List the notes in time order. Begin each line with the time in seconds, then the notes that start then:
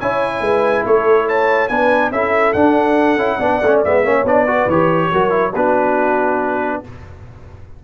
0.00 C#4 E4 C#5 G#5
0.41 G#3 B4
0.86 A3 A4 C#5
1.28 C#5 A5
1.69 B3 D4 B4 G#5
2.11 C#4 E4 A4 E5
2.53 D4 F#5
3.17 C#4 E4
3.38 B3 D4 D5
3.63 A3 C#4
3.85 G#3 B3 E5
4.04 A#3 C#4 C#5
4.24 B3 D4 D5
4.45 F#4 B4
4.67 E3 G4 C#5
5.12 F#3 F#4 A#4
5.30 E4
5.53 B3 D4 F#4 B4